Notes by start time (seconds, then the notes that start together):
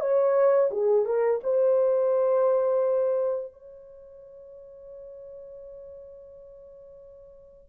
0.00 C#5
0.71 G#4
1.05 A#4
1.43 C5
3.53 C#5